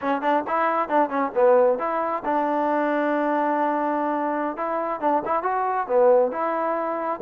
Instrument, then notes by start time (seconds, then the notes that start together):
trombone
0.01 C#4
0.21 D4
0.47 E4
0.88 D4
1.09 C#4
1.34 B3
1.79 E4
2.24 D4
4.57 E4
5.00 D4
5.25 E4
5.42 F#4
5.87 B3
6.31 E4